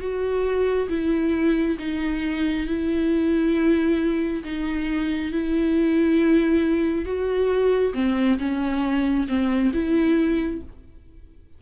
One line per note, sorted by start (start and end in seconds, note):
0.00 0.88 F#4
0.89 1.77 E4
1.78 2.66 D#4
2.66 4.43 E4
4.44 5.32 D#4
5.32 7.05 E4
7.05 7.93 F#4
7.94 8.38 C4
8.39 9.27 C#4
9.28 9.72 C4
9.73 10.61 E4